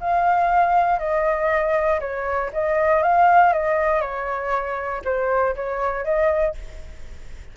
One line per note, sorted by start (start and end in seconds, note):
0.00 0.99 F5
0.99 1.99 D#5
2.00 2.50 C#5
2.53 3.02 D#5
3.02 3.53 F5
3.53 4.01 D#5
4.01 5.01 C#5
5.04 5.55 C5
5.55 6.04 C#5
6.04 6.55 D#5